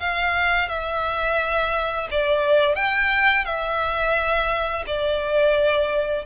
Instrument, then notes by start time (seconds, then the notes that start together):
violin
0.00 F5
0.68 E5
2.11 D5
2.76 G5
3.45 E5
4.87 D5